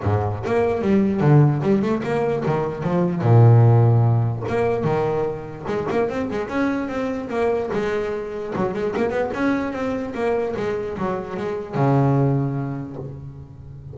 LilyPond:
\new Staff \with { instrumentName = "double bass" } { \time 4/4 \tempo 4 = 148 gis,4 ais4 g4 d4 | g8 a8 ais4 dis4 f4 | ais,2. ais4 | dis2 gis8 ais8 c'8 gis8 |
cis'4 c'4 ais4 gis4~ | gis4 fis8 gis8 ais8 b8 cis'4 | c'4 ais4 gis4 fis4 | gis4 cis2. | }